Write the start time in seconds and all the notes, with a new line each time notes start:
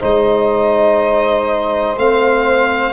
0.00 G#3 D#4 C5 D#5
1.97 A3 C4 F5